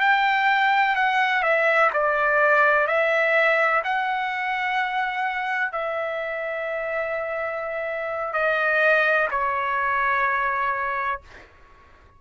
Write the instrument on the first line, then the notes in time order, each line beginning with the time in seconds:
trumpet
0.00 G5
0.96 F#5
1.43 E5
1.93 D5
2.87 E5
3.84 F#5
5.72 E5
8.33 D#5
9.31 C#5